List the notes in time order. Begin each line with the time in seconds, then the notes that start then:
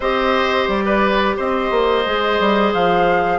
0.00 C4 G4 C5 D#5
0.67 G3 D5
0.85 B4
1.36 C4 C5 D#5
1.70 A#3
2.06 G#3 G#4
2.39 G3
2.73 F3 F5